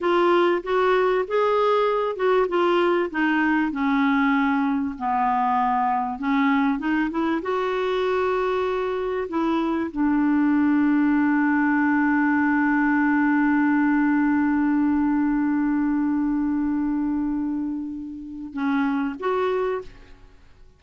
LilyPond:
\new Staff \with { instrumentName = "clarinet" } { \time 4/4 \tempo 4 = 97 f'4 fis'4 gis'4. fis'8 | f'4 dis'4 cis'2 | b2 cis'4 dis'8 e'8 | fis'2. e'4 |
d'1~ | d'1~ | d'1~ | d'2 cis'4 fis'4 | }